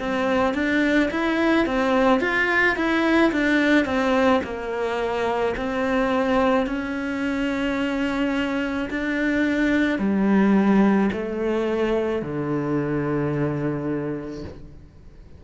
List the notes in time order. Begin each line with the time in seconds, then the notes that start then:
0.00 C4
0.55 D4
1.11 E4
1.67 C4
2.21 F4
2.77 E4
3.33 D4
3.86 C4
4.44 A#3
5.57 C4
6.67 C#4
8.90 D4
9.99 G3
11.13 A3
12.22 D3